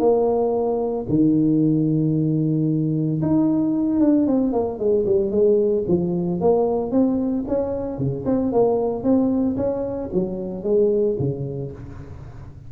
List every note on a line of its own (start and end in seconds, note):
0.00 1.06 A#3
1.10 3.22 D#3
3.22 4.01 D#4
4.01 4.27 D4
4.27 4.53 C4
4.53 4.79 A#3
4.79 5.06 G#3
5.06 5.31 G3
5.31 5.85 G#3
5.88 6.41 F3
6.41 6.92 A#3
6.92 7.45 C4
7.48 7.99 C#4
7.99 8.25 C#3
8.26 8.52 C4
8.53 9.04 A#3
9.04 9.57 C4
9.57 10.10 C#4
10.14 10.64 F#3
10.64 11.17 G#3
11.19 11.72 C#3